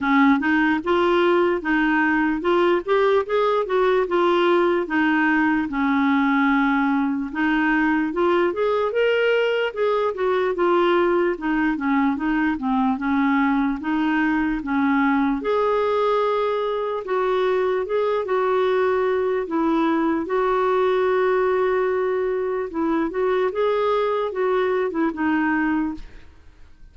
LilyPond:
\new Staff \with { instrumentName = "clarinet" } { \time 4/4 \tempo 4 = 74 cis'8 dis'8 f'4 dis'4 f'8 g'8 | gis'8 fis'8 f'4 dis'4 cis'4~ | cis'4 dis'4 f'8 gis'8 ais'4 | gis'8 fis'8 f'4 dis'8 cis'8 dis'8 c'8 |
cis'4 dis'4 cis'4 gis'4~ | gis'4 fis'4 gis'8 fis'4. | e'4 fis'2. | e'8 fis'8 gis'4 fis'8. e'16 dis'4 | }